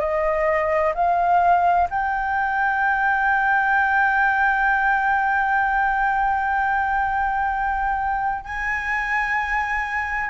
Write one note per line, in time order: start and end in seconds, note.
0.00 0.94 D#5
0.95 1.89 F5
1.90 8.45 G5
8.45 10.30 G#5